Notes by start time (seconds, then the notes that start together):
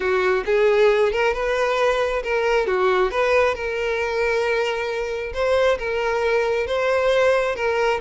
0.00 F#4
0.45 G#4
1.12 A#4
1.33 B4
2.23 A#4
2.66 F#4
3.11 B4
3.55 A#4
5.33 C5
5.78 A#4
6.66 C5
7.55 A#4